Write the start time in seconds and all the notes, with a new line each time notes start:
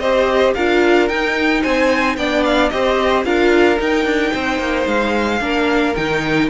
0.00 C4 G4 C5 D#5
0.55 D4 F4 A#4 F5
1.09 D#4 G5
1.62 C4 C5 G#5
2.17 B3 D4 D5 G5
2.45 F5
2.70 C4 G4 C5 D#5
3.25 D4 F4 A#4 F5
3.77 D#4 G5
4.06 D4
4.33 C4 C5
4.59 A#3
4.87 G#3 F5
5.41 A#3 D4 A#4
5.95 D#3 D#4 G5